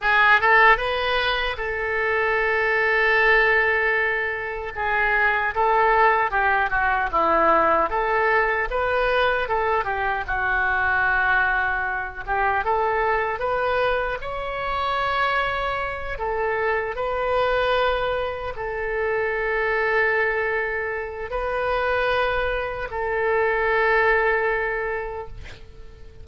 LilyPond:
\new Staff \with { instrumentName = "oboe" } { \time 4/4 \tempo 4 = 76 gis'8 a'8 b'4 a'2~ | a'2 gis'4 a'4 | g'8 fis'8 e'4 a'4 b'4 | a'8 g'8 fis'2~ fis'8 g'8 |
a'4 b'4 cis''2~ | cis''8 a'4 b'2 a'8~ | a'2. b'4~ | b'4 a'2. | }